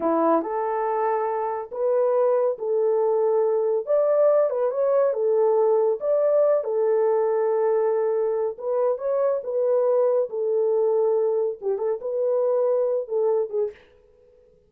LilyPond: \new Staff \with { instrumentName = "horn" } { \time 4/4 \tempo 4 = 140 e'4 a'2. | b'2 a'2~ | a'4 d''4. b'8 cis''4 | a'2 d''4. a'8~ |
a'1 | b'4 cis''4 b'2 | a'2. g'8 a'8 | b'2~ b'8 a'4 gis'8 | }